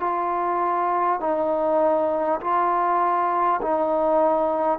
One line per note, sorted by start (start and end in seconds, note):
0.00 1.19 F4
1.19 2.39 D#4
2.40 3.60 F4
3.61 4.78 D#4